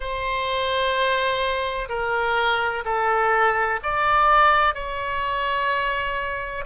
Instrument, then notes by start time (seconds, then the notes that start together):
oboe
0.00 C5
1.88 A#4
2.84 A4
3.82 D5
4.74 C#5